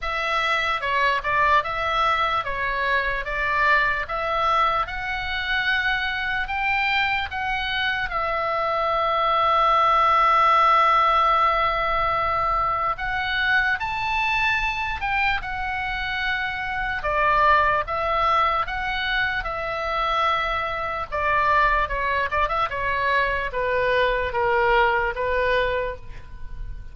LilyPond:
\new Staff \with { instrumentName = "oboe" } { \time 4/4 \tempo 4 = 74 e''4 cis''8 d''8 e''4 cis''4 | d''4 e''4 fis''2 | g''4 fis''4 e''2~ | e''1 |
fis''4 a''4. g''8 fis''4~ | fis''4 d''4 e''4 fis''4 | e''2 d''4 cis''8 d''16 e''16 | cis''4 b'4 ais'4 b'4 | }